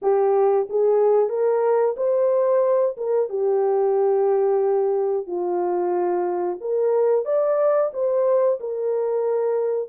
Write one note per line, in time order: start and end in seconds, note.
0.01 0.67 G4
0.69 1.29 G#4
1.29 1.95 A#4
1.97 2.96 C5
2.97 3.29 A#4
3.29 5.27 G4
5.27 6.58 F4
6.60 7.25 A#4
7.25 7.91 D5
7.93 8.59 C5
8.60 9.89 A#4